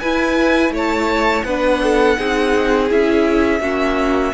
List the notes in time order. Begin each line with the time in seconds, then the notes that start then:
0.00 E4 B4 G#5
0.71 A3 C#5
0.78 A5
1.44 B3 D4 B4 F#5
1.84 A4
2.18 C4 D#4 G#4
2.89 C#4 E4 E5
3.61 A#3 C#4 F#4